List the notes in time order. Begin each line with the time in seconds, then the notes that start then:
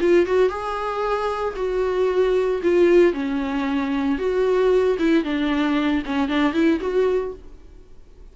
0.00 F4
0.26 F#4
0.49 G#4
1.56 F#4
2.62 F4
3.13 C#4
4.18 F#4
4.99 E4
5.24 D4
6.05 C#4
6.28 D4
6.53 E4
6.80 F#4